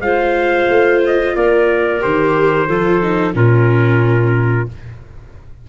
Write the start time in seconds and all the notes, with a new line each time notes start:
0.00 G#3 F4 C5 F5
0.68 A3
1.06 D#5
1.35 A#3 A#4 D5
2.00 D#3 G4 C5
2.67 F3 F4 A4
3.02 D#4
3.33 A#2 C#4 F4 A#4